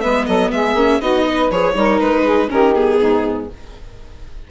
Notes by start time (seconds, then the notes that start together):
0.00 G#3 B3 B4 E5
0.26 F#3 A4 D#5
0.51 G#3 G#4 E5
0.74 A#3 C#4
1.00 B3 D#4 F#4 D#5
1.24 B4
1.50 F3 G#4 C#5
1.74 G3 D#4 A#4
1.99 G#3 B4
2.23 G#4
2.48 D#3 C#4 G4 A#4
2.74 B3 G#4
2.98 G#2 D#4